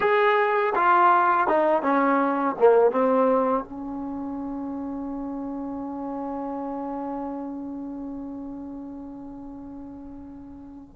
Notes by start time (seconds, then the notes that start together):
0.00 G#4
0.75 F4
1.47 D#4
1.82 C#4
2.58 A#3
2.91 C4
3.64 C#4